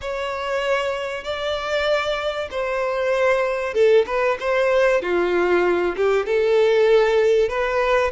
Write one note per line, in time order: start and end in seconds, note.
0.01 1.24 C#5
1.24 2.49 D5
2.50 3.74 C5
3.74 4.05 A4
4.06 4.38 B4
4.39 5.02 C5
5.02 5.95 F4
5.96 6.26 G4
6.26 7.48 A4
7.48 8.11 B4